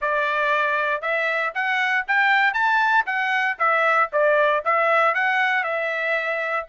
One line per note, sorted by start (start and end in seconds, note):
0.01 1.01 D5
1.01 1.52 E5
1.54 2.05 F#5
2.07 2.53 G5
2.53 3.05 A5
3.06 3.57 F#5
3.59 4.10 E5
4.12 4.63 D5
4.64 5.14 E5
5.14 5.63 F#5
5.63 6.66 E5